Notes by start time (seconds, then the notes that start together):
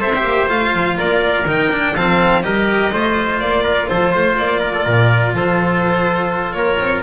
0.00 C4 A4 C5 E5
0.15 G4
0.23 A#3
0.47 A3 F4 F5
0.73 F3
0.97 A#3 A#4 D5
1.46 D#3 D#4 G5
1.71 D4
1.95 F3 C4 A4 F5
2.42 G3 G4 A#4 D#5
2.92 A3 F4 C5
3.39 A#3 D5
3.63 A#4
3.87 F3 A4 C5
4.11 A3 C5
4.37 A#3 D5
4.59 A#4
4.73 A4
4.84 A#2 A#4
5.34 F3 A4 C5
6.52 A#3 A#4 C#5
6.79 C4